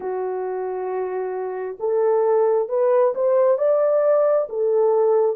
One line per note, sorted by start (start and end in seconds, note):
0.00 1.77 F#4
1.79 2.68 A4
2.68 3.13 B4
3.14 3.57 C5
3.57 4.47 D5
4.49 5.36 A4